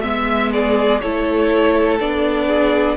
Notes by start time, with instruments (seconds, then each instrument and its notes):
0.00 cello G#3, viola B3, violin E5
0.52 violin G#4 D5
1.01 cello A3, viola E4, violin A4 C#5
2.00 cello B3, viola D4, violin D5
2.47 violin G#4